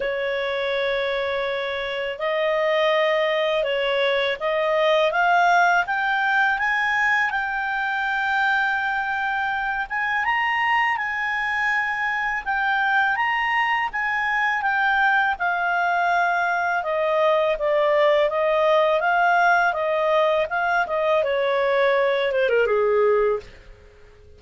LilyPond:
\new Staff \with { instrumentName = "clarinet" } { \time 4/4 \tempo 4 = 82 cis''2. dis''4~ | dis''4 cis''4 dis''4 f''4 | g''4 gis''4 g''2~ | g''4. gis''8 ais''4 gis''4~ |
gis''4 g''4 ais''4 gis''4 | g''4 f''2 dis''4 | d''4 dis''4 f''4 dis''4 | f''8 dis''8 cis''4. c''16 ais'16 gis'4 | }